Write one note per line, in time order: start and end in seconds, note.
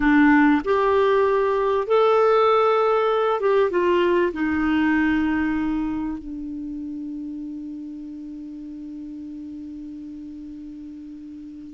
0.00 0.62 D4
0.64 1.87 G4
1.87 3.40 A4
3.40 3.70 G4
3.70 4.32 F4
4.32 6.18 D#4
6.18 11.74 D4